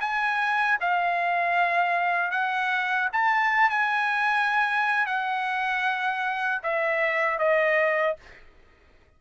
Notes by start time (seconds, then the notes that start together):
0.00 G#5
0.80 F5
2.31 F#5
3.12 A5
3.69 G#5
5.06 F#5
6.63 E5
7.38 D#5